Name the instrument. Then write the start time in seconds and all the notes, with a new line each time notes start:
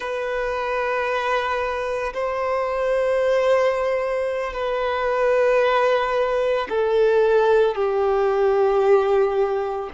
violin
0.00 B4
2.13 C5
4.53 B4
6.69 A4
7.75 G4